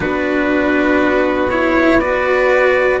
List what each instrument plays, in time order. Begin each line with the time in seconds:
0.00 bassoon B3, cello D4, violin F#4, trumpet B4
1.49 cello E4, trumpet C#5
1.99 cello F#4, violin B4, trumpet D5